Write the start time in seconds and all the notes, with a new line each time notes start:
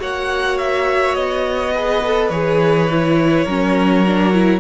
0.00 A#3 F#4 C#5 F#5
0.58 E5
1.15 B3 D#5
1.74 G#4 B4
2.05 A4
2.29 E3 G#4 C#5
2.90 E4
3.45 F#3 C#4 A#4
4.06 D4
4.33 E4